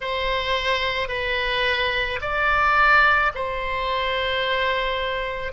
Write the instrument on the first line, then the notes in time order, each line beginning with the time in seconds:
oboe
0.00 C5
1.08 B4
2.21 D5
3.34 C5